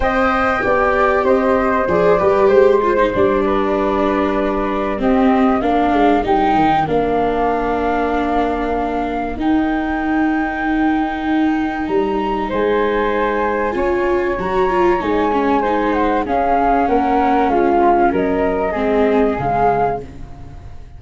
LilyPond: <<
  \new Staff \with { instrumentName = "flute" } { \time 4/4 \tempo 4 = 96 g''2 dis''4 d''4 | c''4 d''2. | dis''4 f''4 g''4 f''4~ | f''2. g''4~ |
g''2. ais''4 | gis''2. ais''4 | gis''4. fis''8 f''4 fis''4 | f''4 dis''2 f''4 | }
  \new Staff \with { instrumentName = "flute" } { \time 4/4 dis''4 d''4 c''4. b'8 | c''4. b'2~ b'8 | g'4 ais'2.~ | ais'1~ |
ais'1 | c''2 cis''2~ | cis''4 c''4 gis'4 ais'4 | f'4 ais'4 gis'2 | }
  \new Staff \with { instrumentName = "viola" } { \time 4/4 c''4 g'2 gis'8 g'8~ | g'8 f'16 dis'16 d'2. | c'4 d'4 dis'4 d'4~ | d'2. dis'4~ |
dis'1~ | dis'2 f'4 fis'8 f'8 | dis'8 cis'8 dis'4 cis'2~ | cis'2 c'4 gis4 | }
  \new Staff \with { instrumentName = "tuba" } { \time 4/4 c'4 b4 c'4 f8 g8 | gis4 g2. | c'4 ais8 gis8 g8 dis8 ais4~ | ais2. dis'4~ |
dis'2. g4 | gis2 cis'4 fis4 | gis2 cis'4 ais4 | gis4 fis4 gis4 cis4 | }
>>